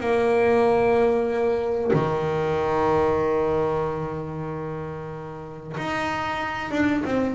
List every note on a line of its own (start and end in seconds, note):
0.00 1.91 A#3
1.93 5.76 D#3
5.77 6.71 D#4
6.71 7.03 D4
7.05 7.35 C4